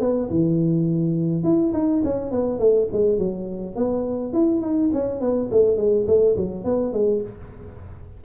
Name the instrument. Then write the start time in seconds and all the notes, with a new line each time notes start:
tuba
0.00 B3
0.30 E3
1.44 E4
1.73 D#4
2.04 C#4
2.31 B3
2.59 A3
2.92 G#3
3.18 F#3
3.75 B3
4.33 E4
4.61 D#4
4.93 C#4
5.21 B3
5.51 A3
5.77 G#3
6.07 A3
6.36 F#3
6.64 B3
6.93 G#3